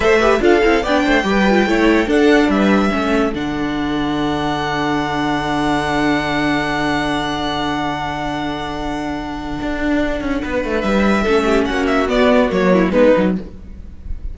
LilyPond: <<
  \new Staff \with { instrumentName = "violin" } { \time 4/4 \tempo 4 = 144 e''4 f''4 g''2~ | g''4 fis''4 e''2 | fis''1~ | fis''1~ |
fis''1~ | fis''1~ | fis''2 e''2 | fis''8 e''8 d''4 cis''4 b'4 | }
  \new Staff \with { instrumentName = "violin" } { \time 4/4 c''8 b'8 a'4 d''8 c''8 b'4 | cis''4 a'4 b'4 a'4~ | a'1~ | a'1~ |
a'1~ | a'1~ | a'4 b'2 a'8 g'8 | fis'2~ fis'8 e'8 dis'4 | }
  \new Staff \with { instrumentName = "viola" } { \time 4/4 a'8 g'8 f'8 e'8 d'4 g'8 f'8 | e'4 d'2 cis'4 | d'1~ | d'1~ |
d'1~ | d'1~ | d'2. cis'4~ | cis'4 b4 ais4 b8 dis'8 | }
  \new Staff \with { instrumentName = "cello" } { \time 4/4 a4 d'8 c'8 b8 a8 g4 | a4 d'4 g4 a4 | d1~ | d1~ |
d1~ | d2. d'4~ | d'8 cis'8 b8 a8 g4 a4 | ais4 b4 fis4 gis8 fis8 | }
>>